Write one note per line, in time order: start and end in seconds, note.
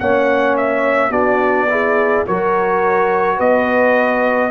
0.00 1.10 A#3
0.00 1.11 C#4
0.00 1.11 C#5
0.00 0.57 F#5
0.58 1.12 E5
1.10 2.23 B3
1.10 1.68 D4
1.10 1.67 F#4
1.10 2.25 D5
1.70 2.26 E4
1.70 2.28 G#4
2.27 3.40 F#3
2.27 4.51 F#4
2.27 3.37 A#4
2.27 3.40 C#5
3.37 4.51 B3
3.37 4.50 B4
3.37 4.51 D#5